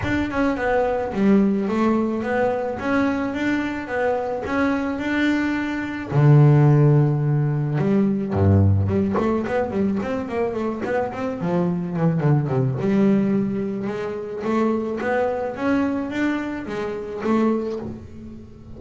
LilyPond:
\new Staff \with { instrumentName = "double bass" } { \time 4/4 \tempo 4 = 108 d'8 cis'8 b4 g4 a4 | b4 cis'4 d'4 b4 | cis'4 d'2 d4~ | d2 g4 g,4 |
g8 a8 b8 g8 c'8 ais8 a8 b8 | c'8 f4 e8 d8 c8 g4~ | g4 gis4 a4 b4 | cis'4 d'4 gis4 a4 | }